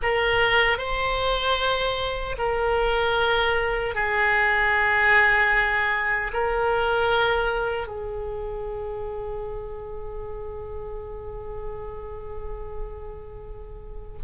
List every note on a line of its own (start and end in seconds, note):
0.02 0.78 A#4
0.78 2.36 C5
2.38 3.94 A#4
3.94 6.31 G#4
6.33 7.87 A#4
7.87 14.19 G#4